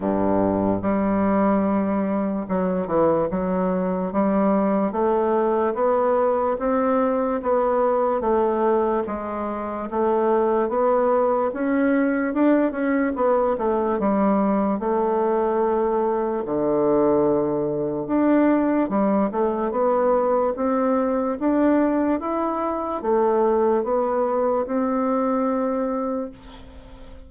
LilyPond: \new Staff \with { instrumentName = "bassoon" } { \time 4/4 \tempo 4 = 73 g,4 g2 fis8 e8 | fis4 g4 a4 b4 | c'4 b4 a4 gis4 | a4 b4 cis'4 d'8 cis'8 |
b8 a8 g4 a2 | d2 d'4 g8 a8 | b4 c'4 d'4 e'4 | a4 b4 c'2 | }